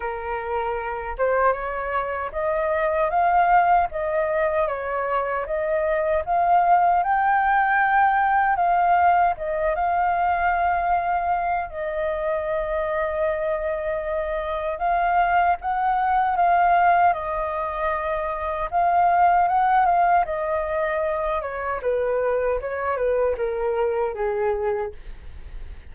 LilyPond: \new Staff \with { instrumentName = "flute" } { \time 4/4 \tempo 4 = 77 ais'4. c''8 cis''4 dis''4 | f''4 dis''4 cis''4 dis''4 | f''4 g''2 f''4 | dis''8 f''2~ f''8 dis''4~ |
dis''2. f''4 | fis''4 f''4 dis''2 | f''4 fis''8 f''8 dis''4. cis''8 | b'4 cis''8 b'8 ais'4 gis'4 | }